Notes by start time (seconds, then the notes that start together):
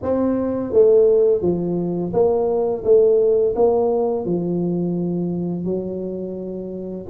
0.02 C4
0.73 A3
1.41 F3
2.13 A#3
2.84 A3
3.55 A#3
4.25 F3
5.64 F#3